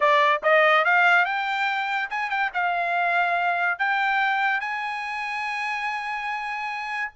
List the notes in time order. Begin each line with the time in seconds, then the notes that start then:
0.00 D5
0.43 D#5
0.84 F5
1.25 G5
2.10 G#5
2.29 G5
2.53 F5
3.78 G5
4.60 G#5